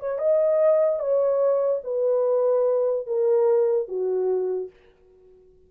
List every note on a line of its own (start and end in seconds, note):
0.00 0.19 C#5
0.19 1.00 D#5
1.00 1.81 C#5
1.84 3.07 B4
3.07 3.88 A#4
3.88 4.70 F#4